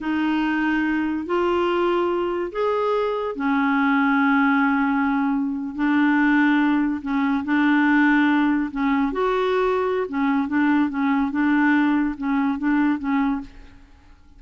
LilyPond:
\new Staff \with { instrumentName = "clarinet" } { \time 4/4 \tempo 4 = 143 dis'2. f'4~ | f'2 gis'2 | cis'1~ | cis'4.~ cis'16 d'2~ d'16~ |
d'8. cis'4 d'2~ d'16~ | d'8. cis'4 fis'2~ fis'16 | cis'4 d'4 cis'4 d'4~ | d'4 cis'4 d'4 cis'4 | }